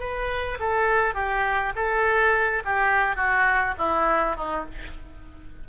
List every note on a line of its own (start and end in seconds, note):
0.00 0.58 B4
0.60 1.15 A4
1.15 1.73 G4
1.76 2.63 A4
2.65 3.16 G4
3.16 3.75 F#4
3.78 4.37 E4
4.37 4.66 D#4